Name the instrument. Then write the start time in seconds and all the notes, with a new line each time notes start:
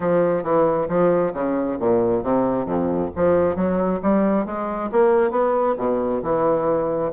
bassoon
0.00 F3
0.43 E3
0.88 F3
1.33 C#3
1.79 A#2
2.23 C3
2.65 F2
3.15 F3
3.55 F#3
4.02 G3
4.45 G#3
4.91 A#3
5.31 B3
5.77 B2
6.22 E3